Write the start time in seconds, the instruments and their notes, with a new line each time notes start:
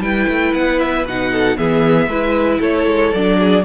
0.00 cello G3, viola E4, violin B4 G5
0.28 cello A3
0.53 cello B3, violin F#5
0.79 violin E5
1.04 cello B2, viola D#4, violin F#5
1.31 violin A4
1.57 cello E3, viola B3, violin G#4 E5
2.07 cello G#3, viola E4, violin B4
2.59 cello A3, violin A4 C#5
2.86 cello G#3
3.13 cello F#3, viola D4, violin D5
3.39 violin G#4